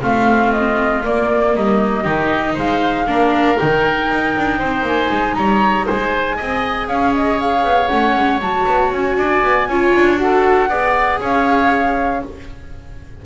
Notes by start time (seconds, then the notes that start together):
0.00 A3 C4 F4 F5
0.52 D#5
1.02 A#3 D5
1.55 G3 D#4 D#5
2.03 D#3 D#4 G4
2.54 G#3 C5 F5
3.07 A#3 D4 A#4
3.56 D#3 D#4 G5
4.10 D#4
4.37 D4
4.58 C4 C5
4.82 A#3 G#5
5.10 G#3
5.34 G3 C#5 A#5
5.86 G#3 C5 G#5
6.36 C4 G#4 D#5
6.88 C#4 C#5 F5
7.14 D#5
7.40 F5
7.64 B3
7.88 A3 C#4 F#5
8.16 G#3
8.40 F#3 F#4 A5
8.66 B3
8.92 C#4 G#5
9.17 D4 D5
9.43 B3
9.67 C#4 F4 C#5
9.94 D4
10.17 F#4 A4 F#5
10.69 B3 G#4 D5
11.20 C#4 C#5 F5